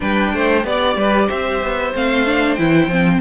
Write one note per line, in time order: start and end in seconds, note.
0.00 0.33 G3
0.00 0.63 D4
0.00 0.33 B4
0.00 0.65 G5
0.33 0.64 A3
0.33 0.66 C5
0.64 0.96 B3
0.64 1.93 G4
0.64 1.29 D5
0.64 0.98 D5
0.96 1.28 G3
0.96 1.27 B4
1.27 1.61 C4
1.27 3.20 C5
1.27 1.93 E5
1.61 1.93 B3
1.93 2.58 A3
1.93 2.26 C4
1.93 2.55 F5
2.26 2.58 D4
2.55 2.86 E3
2.55 2.90 E4
2.55 3.19 G5
2.86 3.19 F3
2.86 3.20 C4